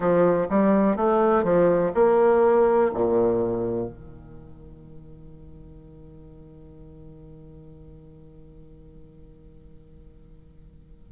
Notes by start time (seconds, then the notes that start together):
0.00 F3
0.49 G3
0.96 A3
1.43 F3
1.94 A#3
2.94 A#2
3.87 D#3